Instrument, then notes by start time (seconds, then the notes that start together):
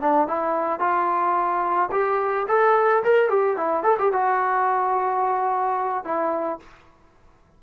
trombone
0.00 D4
0.28 E4
0.79 F4
1.91 G4
2.48 A4
3.04 A#4
3.29 G4
3.57 E4
3.83 A4
3.98 G4
4.12 F#4
6.04 E4